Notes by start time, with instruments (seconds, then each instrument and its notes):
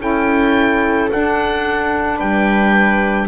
0.00 double bass C#4, saxophone E4, viola A4, oboe G5
1.10 saxophone D4, double bass D4, oboe F#5
2.16 double bass G3, viola B4, oboe G5